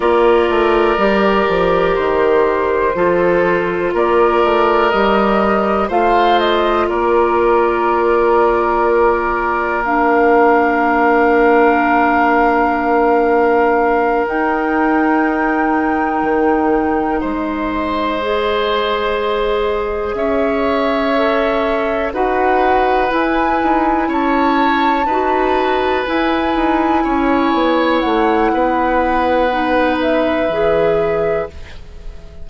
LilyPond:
<<
  \new Staff \with { instrumentName = "flute" } { \time 4/4 \tempo 4 = 61 d''2 c''2 | d''4 dis''4 f''8 dis''8 d''4~ | d''2 f''2~ | f''2~ f''8 g''4.~ |
g''4. dis''2~ dis''8~ | dis''8 e''2 fis''4 gis''8~ | gis''8 a''2 gis''4.~ | gis''8 fis''2 e''4. | }
  \new Staff \with { instrumentName = "oboe" } { \time 4/4 ais'2. a'4 | ais'2 c''4 ais'4~ | ais'1~ | ais'1~ |
ais'4. c''2~ c''8~ | c''8 cis''2 b'4.~ | b'8 cis''4 b'2 cis''8~ | cis''4 b'2. | }
  \new Staff \with { instrumentName = "clarinet" } { \time 4/4 f'4 g'2 f'4~ | f'4 g'4 f'2~ | f'2 d'2~ | d'2~ d'8 dis'4.~ |
dis'2~ dis'8 gis'4.~ | gis'4. a'4 fis'4 e'8~ | e'4. fis'4 e'4.~ | e'2 dis'4 gis'4 | }
  \new Staff \with { instrumentName = "bassoon" } { \time 4/4 ais8 a8 g8 f8 dis4 f4 | ais8 a8 g4 a4 ais4~ | ais1~ | ais2~ ais8 dis'4.~ |
dis'8 dis4 gis2~ gis8~ | gis8 cis'2 dis'4 e'8 | dis'8 cis'4 dis'4 e'8 dis'8 cis'8 | b8 a8 b2 e4 | }
>>